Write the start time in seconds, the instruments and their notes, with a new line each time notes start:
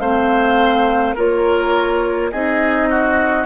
0.00 bassoon A3, clarinet C4, oboe C5, flute F5
1.16 bassoon A#3, clarinet F4, oboe A#4, flute C#5
2.31 bassoon C4, clarinet D#4, oboe G#4, flute D#5
2.90 oboe F#4